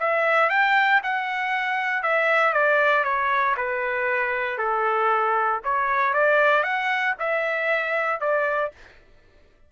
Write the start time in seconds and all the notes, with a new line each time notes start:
0.00 E5
0.50 G5
1.03 F#5
2.03 E5
2.53 D5
3.04 C#5
3.57 B4
4.58 A4
5.64 C#5
6.14 D5
6.63 F#5
7.19 E5
8.21 D5